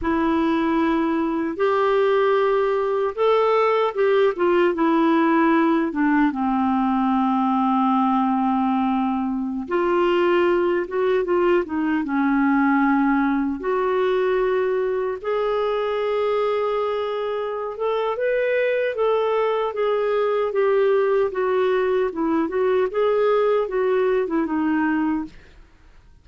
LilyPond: \new Staff \with { instrumentName = "clarinet" } { \time 4/4 \tempo 4 = 76 e'2 g'2 | a'4 g'8 f'8 e'4. d'8 | c'1~ | c'16 f'4. fis'8 f'8 dis'8 cis'8.~ |
cis'4~ cis'16 fis'2 gis'8.~ | gis'2~ gis'8 a'8 b'4 | a'4 gis'4 g'4 fis'4 | e'8 fis'8 gis'4 fis'8. e'16 dis'4 | }